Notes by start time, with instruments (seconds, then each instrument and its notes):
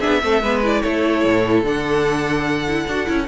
0.00 cello B3, viola D4, violin G#4 E5
0.23 cello A3, viola C4, violin A4
0.42 cello G#3, viola B3, violin B4
0.64 viola E4, violin D5
0.82 cello A3, violin A4 C#5
1.24 cello A2
1.63 cello D3, viola D4, violin F#5
2.67 viola E4
2.87 cello D4, viola F#4
3.06 cello C#4, viola E4